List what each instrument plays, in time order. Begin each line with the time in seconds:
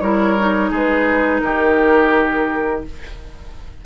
0.00 bassoon G3, clarinet E4, oboe A#4, flute C#5
0.38 clarinet D#4
0.70 bassoon G#3, oboe G#4, flute B4
1.40 bassoon D#3, oboe G4, flute A#4